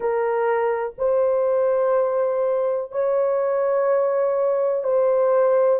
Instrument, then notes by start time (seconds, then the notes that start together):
horn
0.00 A#4
0.98 C5
2.91 C#5
4.83 C5